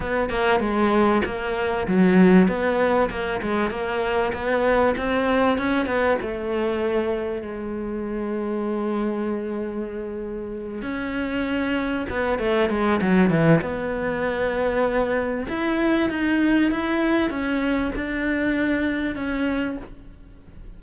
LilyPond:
\new Staff \with { instrumentName = "cello" } { \time 4/4 \tempo 4 = 97 b8 ais8 gis4 ais4 fis4 | b4 ais8 gis8 ais4 b4 | c'4 cis'8 b8 a2 | gis1~ |
gis4. cis'2 b8 | a8 gis8 fis8 e8 b2~ | b4 e'4 dis'4 e'4 | cis'4 d'2 cis'4 | }